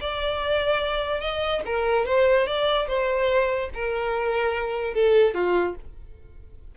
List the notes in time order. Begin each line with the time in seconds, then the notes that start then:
0.00 D5
1.20 D#5
1.65 A#4
2.06 C5
2.47 D5
2.87 C5
3.74 A#4
4.94 A4
5.34 F4